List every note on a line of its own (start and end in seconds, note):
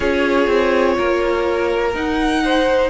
0.00 0.46 C#4
0.00 1.93 F4
0.00 0.95 G#4
0.00 1.92 C#5
0.47 0.95 C4
0.97 1.95 A#3
0.97 2.43 A#4
1.93 2.90 D#4
1.93 2.90 F#5
2.44 2.90 C5